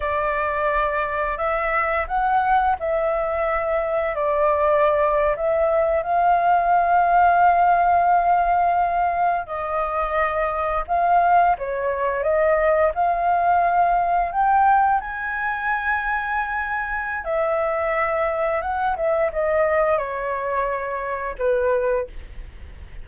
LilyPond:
\new Staff \with { instrumentName = "flute" } { \time 4/4 \tempo 4 = 87 d''2 e''4 fis''4 | e''2 d''4.~ d''16 e''16~ | e''8. f''2.~ f''16~ | f''4.~ f''16 dis''2 f''16~ |
f''8. cis''4 dis''4 f''4~ f''16~ | f''8. g''4 gis''2~ gis''16~ | gis''4 e''2 fis''8 e''8 | dis''4 cis''2 b'4 | }